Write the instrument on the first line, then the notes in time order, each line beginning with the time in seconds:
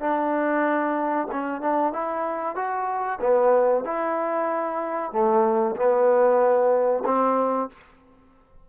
trombone
0.00 D4
1.32 C#4
1.61 D4
1.93 E4
2.56 F#4
3.21 B3
3.84 E4
5.12 A3
5.76 B3
7.05 C4